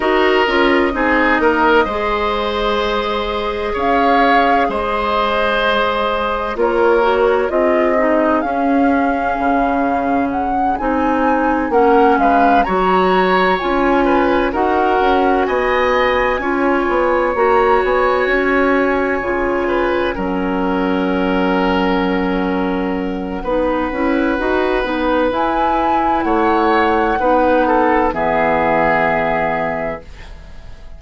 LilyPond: <<
  \new Staff \with { instrumentName = "flute" } { \time 4/4 \tempo 4 = 64 dis''1 | f''4 dis''2 cis''4 | dis''4 f''2 fis''8 gis''8~ | gis''8 fis''8 f''8 ais''4 gis''4 fis''8~ |
fis''8 gis''2 ais''8 gis''4~ | gis''4. fis''2~ fis''8~ | fis''2. gis''4 | fis''2 e''2 | }
  \new Staff \with { instrumentName = "oboe" } { \time 4/4 ais'4 gis'8 ais'8 c''2 | cis''4 c''2 ais'4 | gis'1~ | gis'8 ais'8 b'8 cis''4. b'8 ais'8~ |
ais'8 dis''4 cis''2~ cis''8~ | cis''4 b'8 ais'2~ ais'8~ | ais'4 b'2. | cis''4 b'8 a'8 gis'2 | }
  \new Staff \with { instrumentName = "clarinet" } { \time 4/4 fis'8 f'8 dis'4 gis'2~ | gis'2. f'8 fis'8 | f'8 dis'8 cis'2~ cis'8 dis'8~ | dis'8 cis'4 fis'4 f'4 fis'8~ |
fis'4. f'4 fis'4.~ | fis'8 f'4 cis'2~ cis'8~ | cis'4 dis'8 e'8 fis'8 dis'8 e'4~ | e'4 dis'4 b2 | }
  \new Staff \with { instrumentName = "bassoon" } { \time 4/4 dis'8 cis'8 c'8 ais8 gis2 | cis'4 gis2 ais4 | c'4 cis'4 cis4. c'8~ | c'8 ais8 gis8 fis4 cis'4 dis'8 |
cis'8 b4 cis'8 b8 ais8 b8 cis'8~ | cis'8 cis4 fis2~ fis8~ | fis4 b8 cis'8 dis'8 b8 e'4 | a4 b4 e2 | }
>>